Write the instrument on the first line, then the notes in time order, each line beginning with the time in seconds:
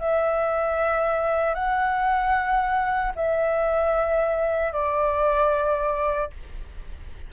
flute
0.00 E5
1.55 F#5
3.16 E5
4.73 D5